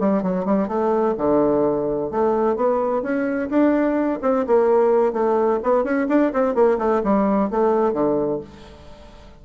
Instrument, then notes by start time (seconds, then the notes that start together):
bassoon
0.00 G3
0.23 F#3
0.46 G3
0.69 A3
1.18 D3
2.11 A3
2.57 B3
3.03 C#4
3.50 D4
4.23 C4
4.47 A#3
5.13 A3
5.64 B3
5.84 C#4
6.09 D4
6.34 C4
6.55 A#3
6.79 A3
7.04 G3
7.51 A3
7.94 D3